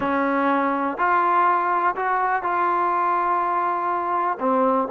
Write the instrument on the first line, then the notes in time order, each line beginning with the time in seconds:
trombone
0.00 C#4
0.97 F4
1.95 F#4
2.42 F4
4.39 C4